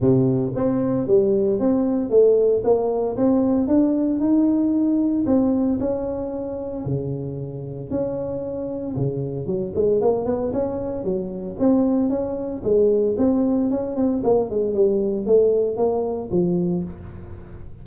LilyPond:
\new Staff \with { instrumentName = "tuba" } { \time 4/4 \tempo 4 = 114 c4 c'4 g4 c'4 | a4 ais4 c'4 d'4 | dis'2 c'4 cis'4~ | cis'4 cis2 cis'4~ |
cis'4 cis4 fis8 gis8 ais8 b8 | cis'4 fis4 c'4 cis'4 | gis4 c'4 cis'8 c'8 ais8 gis8 | g4 a4 ais4 f4 | }